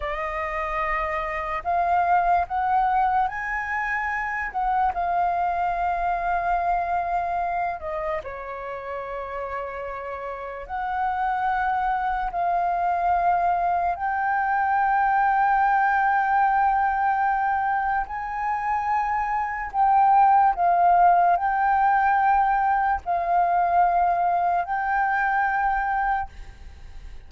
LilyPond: \new Staff \with { instrumentName = "flute" } { \time 4/4 \tempo 4 = 73 dis''2 f''4 fis''4 | gis''4. fis''8 f''2~ | f''4. dis''8 cis''2~ | cis''4 fis''2 f''4~ |
f''4 g''2.~ | g''2 gis''2 | g''4 f''4 g''2 | f''2 g''2 | }